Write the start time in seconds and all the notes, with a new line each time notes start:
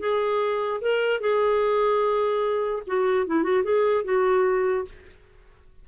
0.00 G#4
0.82 A#4
1.21 G#4
2.87 F#4
3.27 E4
3.43 F#4
3.64 G#4
4.05 F#4